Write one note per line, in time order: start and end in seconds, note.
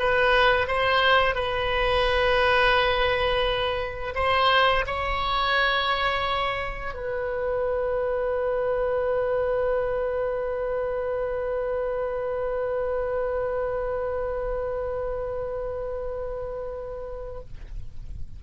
0.00 0.68 B4
0.68 1.35 C5
1.35 4.14 B4
4.15 4.85 C5
4.87 6.94 C#5
6.94 17.41 B4